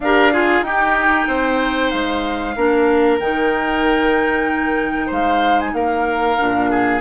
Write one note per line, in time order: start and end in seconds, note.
0.00 0.61 D4
0.00 0.33 G4
0.00 0.33 A#4
0.00 0.63 F5
0.33 0.64 F4
0.33 0.64 G#4
0.61 1.25 D#4
0.61 2.55 D#4
0.61 1.27 G4
0.61 1.90 G5
1.27 1.91 C4
1.27 2.55 C5
1.90 2.56 G#3
1.90 3.18 F5
2.56 3.19 A#3
2.56 3.20 D4
2.56 5.06 A#4
3.19 5.10 D#3
3.19 6.38 D#4
3.19 5.11 G5
5.06 5.73 G#3
5.06 5.70 C5
5.06 5.59 F5
5.59 5.73 G#5
5.73 6.36 A#3
5.73 6.70 A#4
5.73 7.00 F5
6.38 7.00 A#2
6.38 7.00 D4
6.70 7.00 G#4